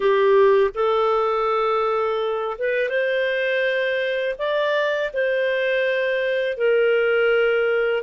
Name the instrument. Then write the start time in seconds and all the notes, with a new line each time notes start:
clarinet
0.00 G4
0.74 A4
2.58 B4
2.89 C5
4.38 D5
5.13 C5
6.57 A#4